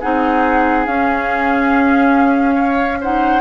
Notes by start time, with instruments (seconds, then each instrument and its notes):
0.00 bassoon C4, clarinet D#4, oboe G#4, flute F#5
0.87 bassoon C#4, clarinet C#4, flute F5
2.55 oboe C#5
3.01 clarinet D#4, oboe C5, flute F#5